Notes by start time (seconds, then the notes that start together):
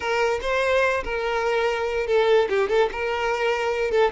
0.00 A#4
0.41 C5
1.04 A#4
2.07 A4
2.49 G4
2.68 A4
2.92 A#4
3.91 A4